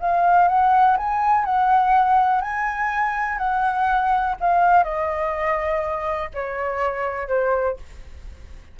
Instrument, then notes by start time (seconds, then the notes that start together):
flute
0.00 F5
0.48 F#5
0.97 G#5
1.45 F#5
2.41 G#5
3.38 F#5
4.40 F5
4.84 D#5
6.34 C#5
7.28 C5